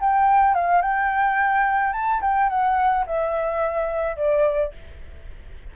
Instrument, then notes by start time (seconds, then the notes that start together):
flute
0.00 G5
0.55 F5
0.82 G5
1.93 A5
2.21 G5
2.49 F#5
3.07 E5
4.16 D5